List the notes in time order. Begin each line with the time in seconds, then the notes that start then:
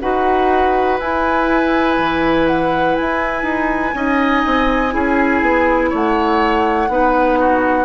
0.00 D#4 F#4 B4 F#5
1.00 E4 G#5
1.98 E3
2.47 F#5
2.95 E4 G#5
3.43 D#4
3.94 C#4 D#4 D#5
4.46 C4
4.90 C#4 E4 G#4
5.42 B3
5.90 A3 C#5 F#5
6.89 B3 D#4 B4
7.39 F#4